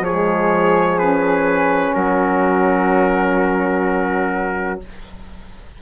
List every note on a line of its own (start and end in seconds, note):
0.00 1.90 F3
0.00 1.94 G#4
0.00 0.99 C#5
0.07 0.99 G#3
0.99 4.80 C#4
0.99 1.94 B4
1.94 4.81 F#3
1.94 4.80 F#4
1.94 4.80 A#4